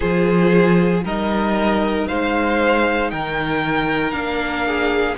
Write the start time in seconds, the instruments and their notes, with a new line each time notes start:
0.00 cello F3, viola F4, violin G#4 C5
1.03 cello G3, viola D#4, violin A#4 D#5
2.07 cello G#3, violin C5 F5
3.10 cello D#3, violin A#4 G5
4.11 cello A#3, viola D4, violin F5
4.66 violin G#4